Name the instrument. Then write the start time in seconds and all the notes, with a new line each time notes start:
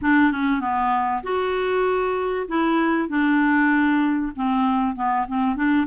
clarinet
0.01 D4
0.31 C#4
0.60 B3
1.23 F#4
2.47 E4
3.08 D4
4.35 C4
4.95 B3
5.27 C4
5.56 D4